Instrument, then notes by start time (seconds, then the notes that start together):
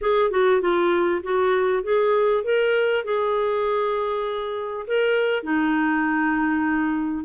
clarinet
0.01 G#4
0.31 F#4
0.61 F4
1.23 F#4
1.83 G#4
2.44 A#4
3.04 G#4
4.87 A#4
5.43 D#4